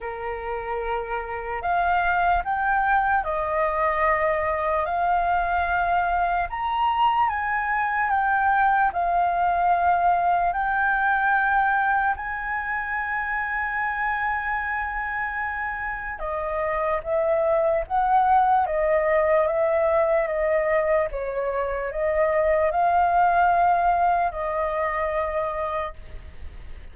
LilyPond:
\new Staff \with { instrumentName = "flute" } { \time 4/4 \tempo 4 = 74 ais'2 f''4 g''4 | dis''2 f''2 | ais''4 gis''4 g''4 f''4~ | f''4 g''2 gis''4~ |
gis''1 | dis''4 e''4 fis''4 dis''4 | e''4 dis''4 cis''4 dis''4 | f''2 dis''2 | }